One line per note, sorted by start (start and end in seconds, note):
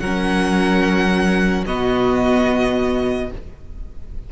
0.00 1.65 F#3
0.00 1.67 C#4
0.00 1.65 A#4
0.00 1.64 F#5
1.65 3.32 B2
1.65 3.31 B3
1.65 3.30 F#4
1.65 3.31 D#5